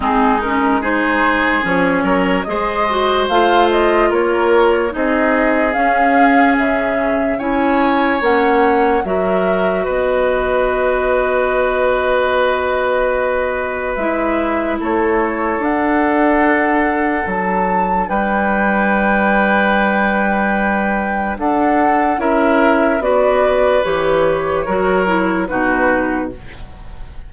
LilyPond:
<<
  \new Staff \with { instrumentName = "flute" } { \time 4/4 \tempo 4 = 73 gis'8 ais'8 c''4 cis''4 dis''4 | f''8 dis''8 cis''4 dis''4 f''4 | e''4 gis''4 fis''4 e''4 | dis''1~ |
dis''4 e''4 cis''4 fis''4~ | fis''4 a''4 g''2~ | g''2 fis''4 e''4 | d''4 cis''2 b'4 | }
  \new Staff \with { instrumentName = "oboe" } { \time 4/4 dis'4 gis'4. ais'8 c''4~ | c''4 ais'4 gis'2~ | gis'4 cis''2 ais'4 | b'1~ |
b'2 a'2~ | a'2 b'2~ | b'2 a'4 ais'4 | b'2 ais'4 fis'4 | }
  \new Staff \with { instrumentName = "clarinet" } { \time 4/4 c'8 cis'8 dis'4 cis'4 gis'8 fis'8 | f'2 dis'4 cis'4~ | cis'4 e'4 cis'4 fis'4~ | fis'1~ |
fis'4 e'2 d'4~ | d'1~ | d'2. e'4 | fis'4 g'4 fis'8 e'8 dis'4 | }
  \new Staff \with { instrumentName = "bassoon" } { \time 4/4 gis2 f8 fis8 gis4 | a4 ais4 c'4 cis'4 | cis4 cis'4 ais4 fis4 | b1~ |
b4 gis4 a4 d'4~ | d'4 fis4 g2~ | g2 d'4 cis'4 | b4 e4 fis4 b,4 | }
>>